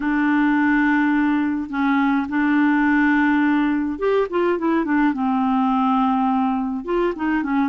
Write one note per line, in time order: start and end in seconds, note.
0.00 1.69 D4
1.69 2.26 C#4
2.28 3.98 D4
3.98 4.27 G4
4.30 4.58 F4
4.58 4.84 E4
4.84 5.13 D4
5.13 6.84 C4
6.84 7.13 F4
7.15 7.43 D#4
7.43 7.69 C#4